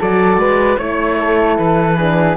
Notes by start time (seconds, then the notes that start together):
0.00 F#3 F#4 A4 D5
0.37 G#3 B4
0.78 A3 E4 C#5
1.19 A4
1.58 E3 B4
1.97 D4 G#4